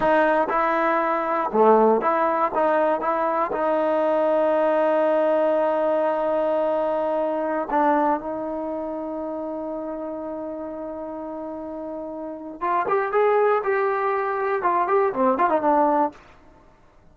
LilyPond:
\new Staff \with { instrumentName = "trombone" } { \time 4/4 \tempo 4 = 119 dis'4 e'2 a4 | e'4 dis'4 e'4 dis'4~ | dis'1~ | dis'2.~ dis'16 d'8.~ |
d'16 dis'2.~ dis'8.~ | dis'1~ | dis'4 f'8 g'8 gis'4 g'4~ | g'4 f'8 g'8 c'8 f'16 dis'16 d'4 | }